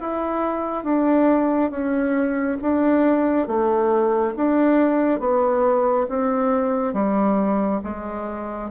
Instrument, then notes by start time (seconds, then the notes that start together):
bassoon
0.00 E4
0.84 D4
1.71 C#4
2.62 D4
3.48 A3
4.37 D4
5.20 B3
6.09 C4
6.94 G3
7.84 G#3